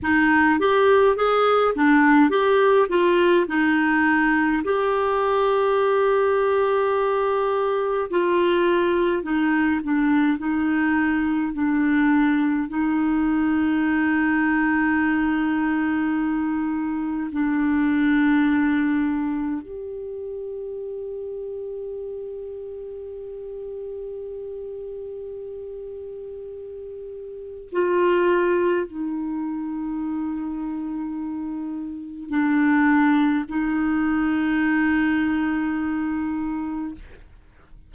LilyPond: \new Staff \with { instrumentName = "clarinet" } { \time 4/4 \tempo 4 = 52 dis'8 g'8 gis'8 d'8 g'8 f'8 dis'4 | g'2. f'4 | dis'8 d'8 dis'4 d'4 dis'4~ | dis'2. d'4~ |
d'4 g'2.~ | g'1 | f'4 dis'2. | d'4 dis'2. | }